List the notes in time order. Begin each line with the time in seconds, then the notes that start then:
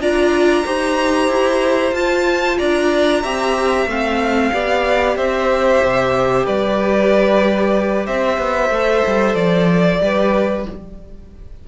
0.00 D4 F4 D5 A#5
0.65 D#4 G4 C5
1.28 E4
1.92 F4 A5
2.58 D4 D5 A#5
3.23 C4 G4 E5
3.87 A3 C4 F5
4.53 B3 G4 D5
5.17 C4 C5 E5
5.83 C3
6.45 G3 B4 D5
8.06 C4 C5 E5
8.38 B3
8.70 A3 A4
9.07 G3
9.35 F3 D5
10.01 G3 G4 B4